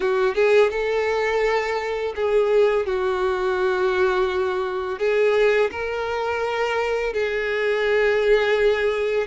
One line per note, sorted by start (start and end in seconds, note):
0.00 0.34 F#4
0.34 0.70 G#4
0.70 2.13 A4
2.15 2.86 G#4
2.86 4.98 F#4
4.98 5.70 G#4
5.71 7.13 A#4
7.13 9.27 G#4